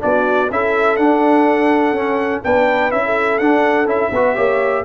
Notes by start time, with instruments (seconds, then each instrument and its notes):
0.00 tuba B3, trombone D4, horn F#4, trumpet D5
0.51 tuba C#4, trombone E4, horn A4, trumpet E5
0.97 tuba D4, trombone D4, trumpet F#5
1.93 tuba C#4, trombone C#4
2.44 tuba B3, trombone D4, horn B4, trumpet G5
2.92 tuba C#4, trombone E4, trumpet E5
3.06 horn A4
3.39 tuba D4, trombone D4, trumpet F#5
3.86 tuba C#4, trombone E4, trumpet E5
4.12 tuba B3, trombone F#4, horn B4
4.35 tuba A#3, trombone G4, horn C#5